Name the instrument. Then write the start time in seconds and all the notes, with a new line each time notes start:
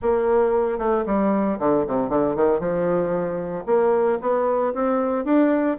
bassoon
0.02 A#3
0.78 A3
1.06 G3
1.59 D3
1.87 C3
2.09 D3
2.35 D#3
2.59 F3
3.66 A#3
4.21 B3
4.73 C4
5.24 D4